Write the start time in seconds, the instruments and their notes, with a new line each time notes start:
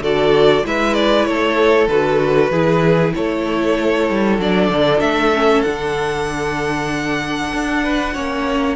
0.00 cello D3, viola F#4, violin A4 D5
0.63 cello G#3, viola E4, violin B4 E5
0.94 violin D5
1.25 cello A3, violin A4 C#5
1.88 cello D3, viola F#4, violin B4
2.51 cello E3, viola E4, violin G#4
3.15 cello A3, violin A4 C#5
4.10 cello G3
4.38 cello F#3, viola D4, violin D5
4.69 cello D3
5.01 cello A3, violin E5
5.34 viola C#4
5.62 cello D3, viola D4, violin F#5
7.53 cello D4
7.83 violin B4
8.14 cello A#3, viola C#4, violin C#5